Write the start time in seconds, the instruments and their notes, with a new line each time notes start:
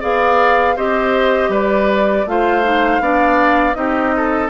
0.00 bassoon B3, clarinet G#4, oboe D5, flute F5
0.75 bassoon C4, clarinet G4, oboe C5, flute D#5
1.48 bassoon G3, oboe B4, flute D5
2.26 bassoon A3, clarinet F4, oboe C5, flute F5
2.62 clarinet D#4
3.00 bassoon B3, clarinet D4, oboe D5
3.74 bassoon C4, clarinet D#4, oboe G4, flute D#5
4.16 oboe A4